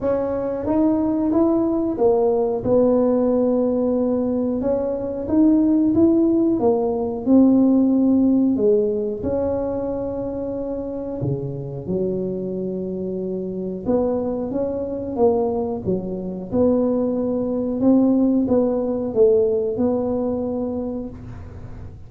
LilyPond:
\new Staff \with { instrumentName = "tuba" } { \time 4/4 \tempo 4 = 91 cis'4 dis'4 e'4 ais4 | b2. cis'4 | dis'4 e'4 ais4 c'4~ | c'4 gis4 cis'2~ |
cis'4 cis4 fis2~ | fis4 b4 cis'4 ais4 | fis4 b2 c'4 | b4 a4 b2 | }